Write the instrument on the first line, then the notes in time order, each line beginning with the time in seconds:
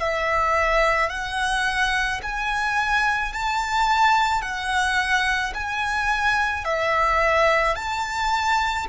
violin
0.00 E5
1.10 F#5
2.23 G#5
3.33 A5
4.42 F#5
5.55 G#5
6.65 E5
7.76 A5